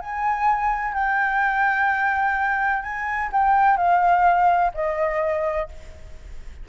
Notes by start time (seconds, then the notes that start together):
0.00 G#5
0.94 G5
2.83 G#5
3.32 G5
3.77 F5
4.74 D#5